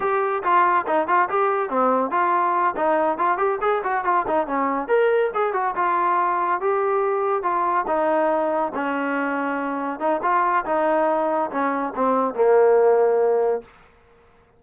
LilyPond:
\new Staff \with { instrumentName = "trombone" } { \time 4/4 \tempo 4 = 141 g'4 f'4 dis'8 f'8 g'4 | c'4 f'4. dis'4 f'8 | g'8 gis'8 fis'8 f'8 dis'8 cis'4 ais'8~ | ais'8 gis'8 fis'8 f'2 g'8~ |
g'4. f'4 dis'4.~ | dis'8 cis'2. dis'8 | f'4 dis'2 cis'4 | c'4 ais2. | }